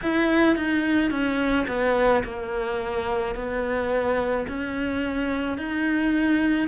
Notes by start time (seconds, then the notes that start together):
0.02 E4
0.56 D#4
1.11 C#4
1.67 B3
2.24 A#3
3.35 B3
4.47 C#4
5.57 D#4